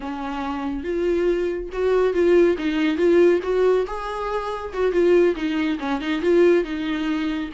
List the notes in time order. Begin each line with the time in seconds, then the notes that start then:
0.00 C#4
0.83 F4
1.72 F#4
2.13 F4
2.57 D#4
2.97 F4
3.42 F#4
3.86 G#4
4.73 F#4
4.91 F4
5.35 D#4
5.79 C#4
6.00 D#4
6.21 F4
6.64 D#4